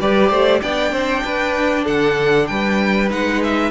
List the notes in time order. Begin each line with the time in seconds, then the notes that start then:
0.00 G3 G4 B4 D5
0.30 A3 C5
0.61 B3 D4 D5 G5
0.92 C4 C5
1.24 D4 B4
1.84 D3 A4 F#5
2.47 G3 B4 G5
3.10 G#3 D#4 F#5
3.43 E5